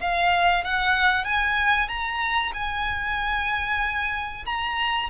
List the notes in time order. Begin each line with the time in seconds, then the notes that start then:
0.00 F5
0.64 F#5
1.24 G#5
1.88 A#5
2.53 G#5
4.45 A#5